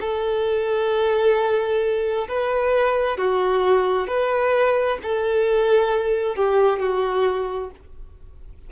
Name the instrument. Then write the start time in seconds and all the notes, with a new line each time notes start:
violin
0.00 A4
2.28 B4
3.17 F#4
4.07 B4
5.02 A4
6.36 G4
6.79 F#4